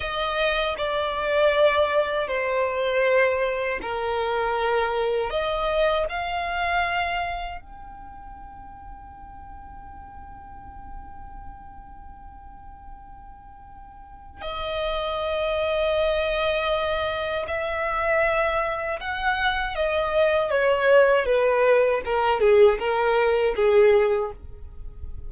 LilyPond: \new Staff \with { instrumentName = "violin" } { \time 4/4 \tempo 4 = 79 dis''4 d''2 c''4~ | c''4 ais'2 dis''4 | f''2 g''2~ | g''1~ |
g''2. dis''4~ | dis''2. e''4~ | e''4 fis''4 dis''4 cis''4 | b'4 ais'8 gis'8 ais'4 gis'4 | }